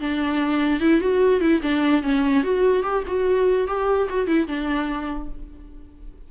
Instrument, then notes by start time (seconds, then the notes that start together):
viola
0.00 D4
0.80 E4
1.00 F#4
1.40 E4
1.62 D4
2.03 C#4
2.43 F#4
2.83 G4
3.07 F#4
3.67 G4
4.09 F#4
4.27 E4
4.47 D4